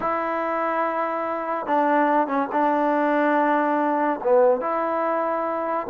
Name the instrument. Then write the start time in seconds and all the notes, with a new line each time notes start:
trombone
0.00 E4
1.66 D4
2.27 C#4
2.52 D4
4.23 B3
4.61 E4